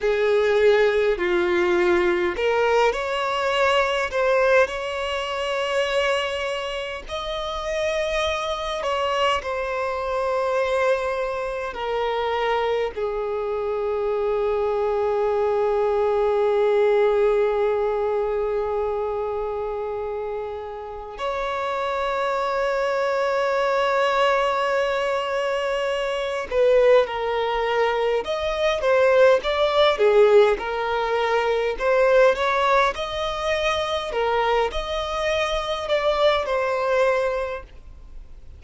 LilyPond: \new Staff \with { instrumentName = "violin" } { \time 4/4 \tempo 4 = 51 gis'4 f'4 ais'8 cis''4 c''8 | cis''2 dis''4. cis''8 | c''2 ais'4 gis'4~ | gis'1~ |
gis'2 cis''2~ | cis''2~ cis''8 b'8 ais'4 | dis''8 c''8 d''8 gis'8 ais'4 c''8 cis''8 | dis''4 ais'8 dis''4 d''8 c''4 | }